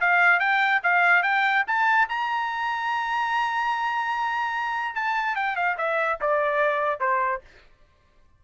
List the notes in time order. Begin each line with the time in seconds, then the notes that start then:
0.00 F5
0.40 G5
0.83 F5
1.23 G5
1.67 A5
2.09 A#5
4.95 A5
5.35 G5
5.56 F5
5.77 E5
6.21 D5
7.00 C5